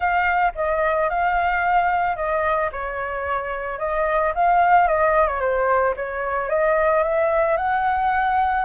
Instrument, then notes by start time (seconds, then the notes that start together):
flute
0.00 F5
0.55 D#5
1.09 F5
2.15 D#5
2.72 C#5
3.78 D#5
4.34 F5
4.87 D#5
5.27 C#5
5.40 C5
5.96 C#5
6.49 D#5
7.03 E5
7.56 F#5